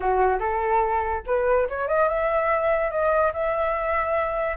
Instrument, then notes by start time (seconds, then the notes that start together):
flute
0.00 F#4
0.39 A4
1.26 B4
1.68 C#5
1.87 D#5
2.08 E5
2.90 D#5
3.33 E5